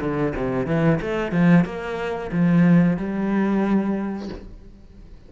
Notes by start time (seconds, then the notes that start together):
0.00 D3
0.35 C3
0.66 E3
1.01 A3
1.32 F3
1.65 A#3
2.31 F3
2.97 G3